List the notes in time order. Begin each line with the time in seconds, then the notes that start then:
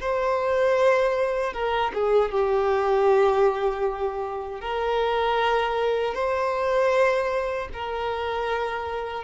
0.00 C5
1.53 A#4
1.94 G#4
2.31 G4
4.60 A#4
6.14 C5
7.73 A#4